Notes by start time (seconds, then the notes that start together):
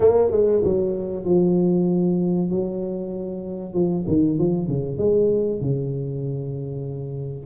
0.00 A#3
0.31 G#3
0.64 F#3
1.24 F3
2.50 F#3
3.73 F3
4.07 D#3
4.38 F3
4.67 C#3
4.98 G#3
5.60 C#3